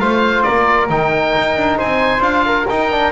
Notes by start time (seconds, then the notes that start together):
0.00 A3 F4 C5 F5
0.43 A#3 A#4 D5
0.90 D#3 D#4 G5
1.38 D#4
1.56 D4
1.78 C4 C5 G#5
2.20 D4 F4 F5
2.46 A#4
2.69 D#4 G5
2.91 D4